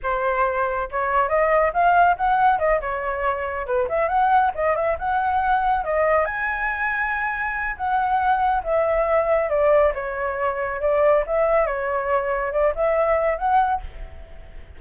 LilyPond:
\new Staff \with { instrumentName = "flute" } { \time 4/4 \tempo 4 = 139 c''2 cis''4 dis''4 | f''4 fis''4 dis''8 cis''4.~ | cis''8 b'8 e''8 fis''4 dis''8 e''8 fis''8~ | fis''4. dis''4 gis''4.~ |
gis''2 fis''2 | e''2 d''4 cis''4~ | cis''4 d''4 e''4 cis''4~ | cis''4 d''8 e''4. fis''4 | }